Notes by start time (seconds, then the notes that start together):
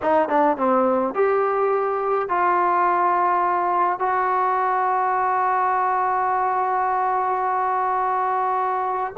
0.02 D#4
0.28 D4
0.57 C4
1.14 G4
2.29 F4
3.99 F#4